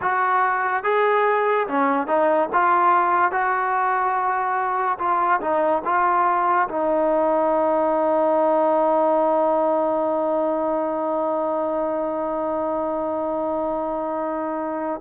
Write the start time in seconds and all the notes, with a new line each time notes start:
0.02 F#4
0.83 G#4
1.67 C#4
2.07 D#4
2.52 F4
3.31 F#4
4.98 F4
5.41 D#4
5.84 F4
6.68 D#4